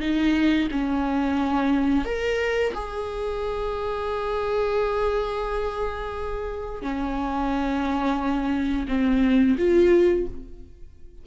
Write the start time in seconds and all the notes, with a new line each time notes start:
0.00 D#4
0.71 C#4
2.05 A#4
2.74 G#4
6.82 C#4
8.88 C4
9.58 F4